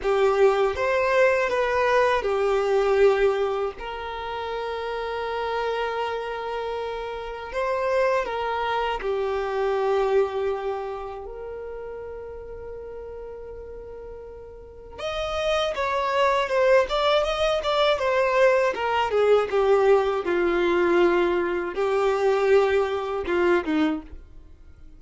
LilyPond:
\new Staff \with { instrumentName = "violin" } { \time 4/4 \tempo 4 = 80 g'4 c''4 b'4 g'4~ | g'4 ais'2.~ | ais'2 c''4 ais'4 | g'2. ais'4~ |
ais'1 | dis''4 cis''4 c''8 d''8 dis''8 d''8 | c''4 ais'8 gis'8 g'4 f'4~ | f'4 g'2 f'8 dis'8 | }